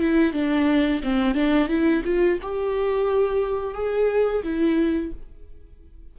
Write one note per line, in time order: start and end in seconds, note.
0.00 0.33 E4
0.33 1.02 D4
1.03 1.34 C4
1.34 1.68 D4
1.68 2.03 E4
2.04 2.39 F4
2.42 3.74 G4
3.74 4.43 G#4
4.43 5.12 E4